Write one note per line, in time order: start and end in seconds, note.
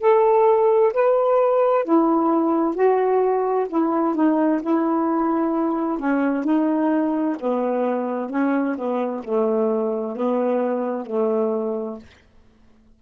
0.00 0.92 A4
0.93 1.85 B4
1.85 2.75 E4
2.75 3.67 F#4
3.69 4.15 E4
4.15 4.61 D#4
4.62 5.99 E4
5.99 6.44 C#4
6.44 7.36 D#4
7.40 8.30 B3
8.30 8.76 C#4
8.78 9.24 B3
9.24 10.16 A3
10.16 11.06 B3
11.06 11.99 A3